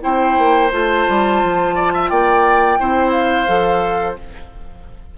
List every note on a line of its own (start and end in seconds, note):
0.00 0.37 C4
0.00 0.69 E4
0.00 1.75 C5
0.00 0.71 G5
0.37 0.71 A#3
0.71 1.06 A3
0.71 2.78 F4
0.71 2.08 A5
1.09 1.43 G3
1.43 2.10 F3
1.75 1.92 D5
1.93 2.10 E5
2.08 2.79 A#3
2.08 2.79 D5
2.08 3.10 G5
2.79 3.48 C4
2.79 3.47 E4
2.79 4.17 C5
3.10 4.14 F5
3.47 4.17 F3
3.47 4.16 A4